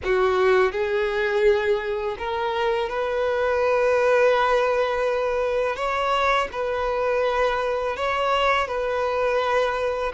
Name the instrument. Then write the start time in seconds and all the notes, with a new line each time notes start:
violin
0.04 F#4
0.72 G#4
2.18 A#4
2.89 B4
5.75 C#5
6.52 B4
7.96 C#5
8.67 B4